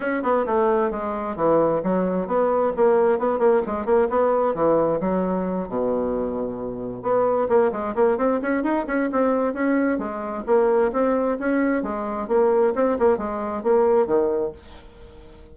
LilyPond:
\new Staff \with { instrumentName = "bassoon" } { \time 4/4 \tempo 4 = 132 cis'8 b8 a4 gis4 e4 | fis4 b4 ais4 b8 ais8 | gis8 ais8 b4 e4 fis4~ | fis8 b,2. b8~ |
b8 ais8 gis8 ais8 c'8 cis'8 dis'8 cis'8 | c'4 cis'4 gis4 ais4 | c'4 cis'4 gis4 ais4 | c'8 ais8 gis4 ais4 dis4 | }